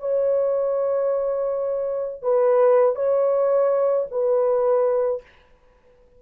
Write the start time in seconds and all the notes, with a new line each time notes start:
0.00 C#5
2.23 B4
2.96 C#5
4.11 B4